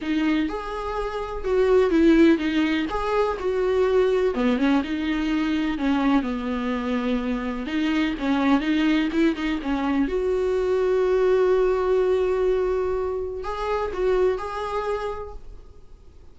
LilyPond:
\new Staff \with { instrumentName = "viola" } { \time 4/4 \tempo 4 = 125 dis'4 gis'2 fis'4 | e'4 dis'4 gis'4 fis'4~ | fis'4 b8 cis'8 dis'2 | cis'4 b2. |
dis'4 cis'4 dis'4 e'8 dis'8 | cis'4 fis'2.~ | fis'1 | gis'4 fis'4 gis'2 | }